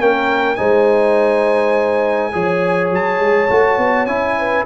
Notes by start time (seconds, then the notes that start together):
0.00 A#3 C#4 A#4 G5
0.56 G#3 D#4 C5 G#5
2.32 F3 G#4 C#5
2.91 F#3 A5
3.20 G#3
3.50 A3 F#4
3.78 B3
4.06 C#4 E4 G#5
4.39 B4